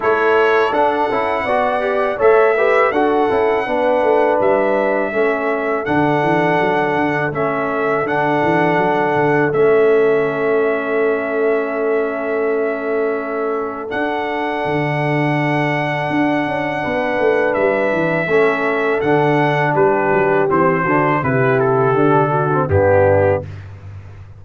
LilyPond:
<<
  \new Staff \with { instrumentName = "trumpet" } { \time 4/4 \tempo 4 = 82 cis''4 fis''2 e''4 | fis''2 e''2 | fis''2 e''4 fis''4~ | fis''4 e''2.~ |
e''2. fis''4~ | fis''1 | e''2 fis''4 b'4 | c''4 b'8 a'4. g'4 | }
  \new Staff \with { instrumentName = "horn" } { \time 4/4 a'2 d''4 cis''8 b'8 | a'4 b'2 a'4~ | a'1~ | a'1~ |
a'1~ | a'2. b'4~ | b'4 a'2 g'4~ | g'8 fis'8 g'4. fis'8 d'4 | }
  \new Staff \with { instrumentName = "trombone" } { \time 4/4 e'4 d'8 e'8 fis'8 g'8 a'8 g'8 | fis'8 e'8 d'2 cis'4 | d'2 cis'4 d'4~ | d'4 cis'2.~ |
cis'2. d'4~ | d'1~ | d'4 cis'4 d'2 | c'8 d'8 e'4 d'8. c'16 b4 | }
  \new Staff \with { instrumentName = "tuba" } { \time 4/4 a4 d'8 cis'8 b4 a4 | d'8 cis'8 b8 a8 g4 a4 | d8 e8 fis8 d8 a4 d8 e8 | fis8 d8 a2.~ |
a2. d'4 | d2 d'8 cis'8 b8 a8 | g8 e8 a4 d4 g8 fis8 | e8 d8 c4 d4 g,4 | }
>>